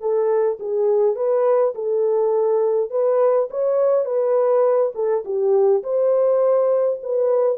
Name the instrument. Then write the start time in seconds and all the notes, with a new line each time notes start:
horn
0.00 A4
0.60 G#4
1.15 B4
1.74 A4
2.90 B4
3.50 C#5
4.05 B4
4.95 A4
5.25 G4
5.83 C5
7.02 B4